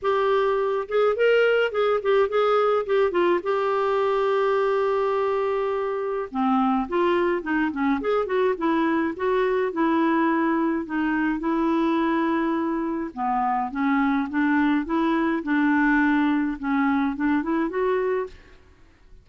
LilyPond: \new Staff \with { instrumentName = "clarinet" } { \time 4/4 \tempo 4 = 105 g'4. gis'8 ais'4 gis'8 g'8 | gis'4 g'8 f'8 g'2~ | g'2. c'4 | f'4 dis'8 cis'8 gis'8 fis'8 e'4 |
fis'4 e'2 dis'4 | e'2. b4 | cis'4 d'4 e'4 d'4~ | d'4 cis'4 d'8 e'8 fis'4 | }